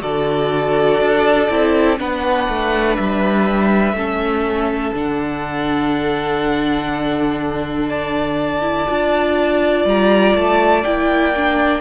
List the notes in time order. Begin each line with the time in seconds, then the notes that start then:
0.00 D3 F#4 A4 D5
1.01 D4
1.50 C4 E4
1.98 B3 D4 B4 F#5
2.49 A3
2.97 G3 E5
3.93 A3 C#4 A4
4.94 D3 D4 F#5
7.89 D5 A5
8.62 E4
8.89 D4 F4
9.85 G3 A#5
10.35 A3 A5
10.84 A#3 E4 G5
11.36 D4